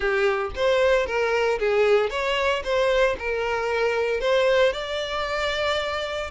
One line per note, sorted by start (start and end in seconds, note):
0.00 0.50 G4
0.55 1.06 C5
1.06 1.59 A#4
1.59 2.10 G#4
2.10 2.62 C#5
2.63 3.16 C5
3.18 4.20 A#4
4.20 4.72 C5
4.72 6.30 D5